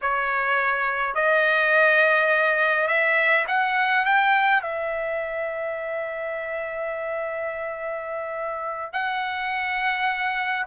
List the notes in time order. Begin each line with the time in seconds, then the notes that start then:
0.01 C#5
1.14 D#5
2.87 E5
3.47 F#5
4.05 G5
4.62 E5
8.92 F#5